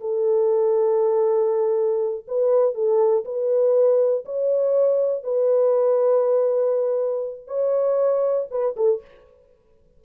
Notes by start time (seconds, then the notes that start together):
0.00 A4
2.27 B4
2.74 A4
3.25 B4
4.25 C#5
5.23 B4
7.47 C#5
8.50 B4
8.76 A4